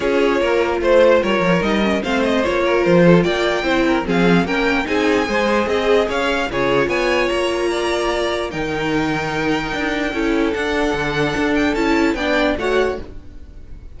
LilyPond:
<<
  \new Staff \with { instrumentName = "violin" } { \time 4/4 \tempo 4 = 148 cis''2 c''4 cis''4 | dis''4 f''8 dis''8 cis''4 c''4 | g''2 f''4 g''4 | gis''2 dis''4 f''4 |
cis''4 gis''4 ais''2~ | ais''4 g''2.~ | g''2 fis''2~ | fis''8 g''8 a''4 g''4 fis''4 | }
  \new Staff \with { instrumentName = "violin" } { \time 4/4 gis'4 ais'4 c''4 ais'4~ | ais'4 c''4. ais'4 a'8 | d''4 c''8 ais'8 gis'4 ais'4 | gis'4 c''4 gis'4 cis''4 |
gis'4 cis''2 d''4~ | d''4 ais'2.~ | ais'4 a'2.~ | a'2 d''4 cis''4 | }
  \new Staff \with { instrumentName = "viola" } { \time 4/4 f'1 | dis'8 cis'8 c'4 f'2~ | f'4 e'4 c'4 cis'4 | dis'4 gis'2. |
f'1~ | f'4 dis'2.~ | dis'4 e'4 d'2~ | d'4 e'4 d'4 fis'4 | }
  \new Staff \with { instrumentName = "cello" } { \time 4/4 cis'4 ais4 a4 g8 f8 | g4 a4 ais4 f4 | ais4 c'4 f4 ais4 | c'4 gis4 c'4 cis'4 |
cis4 b4 ais2~ | ais4 dis2. | d'4 cis'4 d'4 d4 | d'4 cis'4 b4 a4 | }
>>